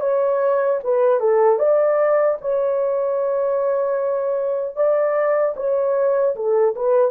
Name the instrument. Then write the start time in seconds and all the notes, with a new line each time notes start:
horn
0.00 C#5
0.83 B4
1.20 A4
1.59 D5
2.40 C#5
4.75 D5
5.56 C#5
6.35 A4
6.75 B4